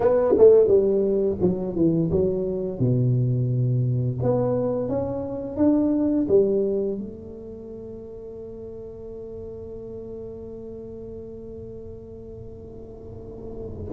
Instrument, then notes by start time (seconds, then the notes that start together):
tuba
0.00 B3
0.37 A3
0.67 G3
1.40 F#3
1.75 E3
2.11 F#3
2.79 B2
4.22 B3
4.88 C#4
5.57 D4
6.28 G3
6.98 A3